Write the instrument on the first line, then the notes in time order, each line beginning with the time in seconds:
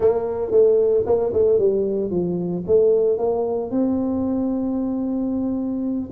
tuba
0.00 A#3
0.51 A3
1.06 A#3
1.33 A3
1.58 G3
2.10 F3
2.66 A3
3.18 A#3
3.70 C4